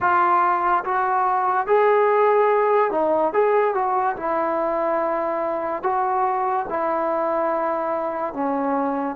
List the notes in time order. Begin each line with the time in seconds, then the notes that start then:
0.00 F4
0.84 F#4
1.67 G#4
2.91 D#4
3.33 G#4
3.74 F#4
4.16 E4
5.83 F#4
6.69 E4
8.33 C#4